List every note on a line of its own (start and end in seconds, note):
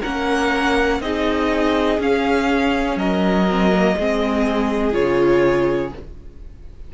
0.00 1.00 A#3
0.00 1.01 C#4
0.00 0.98 A#4
0.00 1.01 F#5
1.00 1.98 C4
1.00 1.99 D#4
1.00 2.98 G#4
1.00 1.99 D#5
1.99 2.96 C#4
1.99 3.47 C#4
1.99 2.98 F5
2.96 3.94 F#3
2.96 3.97 A#4
2.96 4.93 D#5
3.50 3.72 C4
3.72 3.96 A#3
3.96 4.94 G#3
3.96 4.92 C4
3.96 5.94 G#4
4.92 5.92 C#3
4.92 5.90 F4
4.92 5.92 C#5